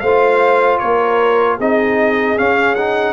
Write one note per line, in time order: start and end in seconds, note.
0.00 0.80 A3
0.00 0.81 C5
0.00 0.78 F5
0.06 1.60 F4
0.78 1.60 A#3
0.78 1.58 A#4
0.78 1.56 C#5
1.58 2.37 C4
1.58 2.37 D#4
1.58 3.13 G#4
1.58 2.38 D#5
2.37 2.76 C#4
2.37 3.13 C#4
2.37 2.75 F5
2.75 3.13 D#4
2.75 3.13 F#5